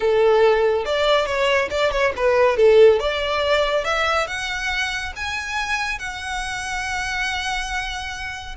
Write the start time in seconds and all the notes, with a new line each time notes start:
0.00 A4
0.85 D5
1.26 C#5
1.70 D5
1.91 C#5
2.16 B4
2.56 A4
2.99 D5
3.84 E5
4.27 F#5
5.16 G#5
5.98 F#5